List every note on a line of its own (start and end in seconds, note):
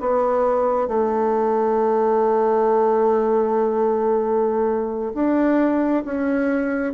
0.00 0.88 B3
0.88 5.13 A3
5.14 6.04 D4
6.05 6.93 C#4